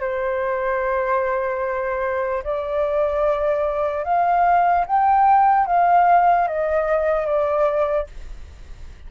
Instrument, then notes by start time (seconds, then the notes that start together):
flute
0.00 C5
2.44 D5
4.04 F5
4.86 G5
5.66 F5
6.48 D#5
7.26 D5